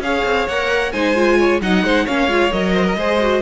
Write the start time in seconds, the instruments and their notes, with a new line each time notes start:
0.00 cello C#4, viola G#4, violin C#5 F5
0.24 cello C4
0.47 cello A#3, viola A#4, violin F#5
0.91 cello G#3, viola D#4, violin C5 G#5
1.15 viola F4
1.38 violin C#5
1.61 cello F#3, viola D#4, violin D#5 F#5
1.83 cello G#3, violin C5
2.04 cello A#3, viola C#4, violin C#5 F5
2.27 cello G#3, viola F4
2.52 cello F#3, viola A#4, violin D#5
2.73 violin C5
2.84 violin A#4
2.95 cello G#3, viola G#4, violin C5
3.21 viola F#4